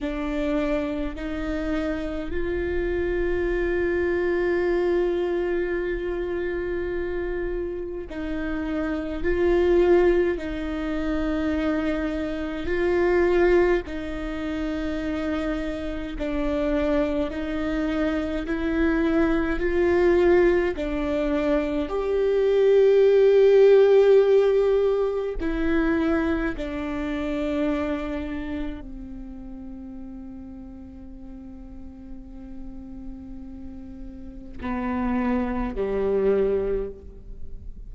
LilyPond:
\new Staff \with { instrumentName = "viola" } { \time 4/4 \tempo 4 = 52 d'4 dis'4 f'2~ | f'2. dis'4 | f'4 dis'2 f'4 | dis'2 d'4 dis'4 |
e'4 f'4 d'4 g'4~ | g'2 e'4 d'4~ | d'4 c'2.~ | c'2 b4 g4 | }